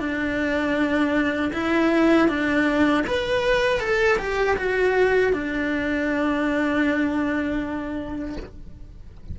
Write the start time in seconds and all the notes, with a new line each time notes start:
0.00 D4
1.54 E4
2.29 D4
3.07 B4
3.80 A4
4.19 G4
4.57 F#4
5.33 D4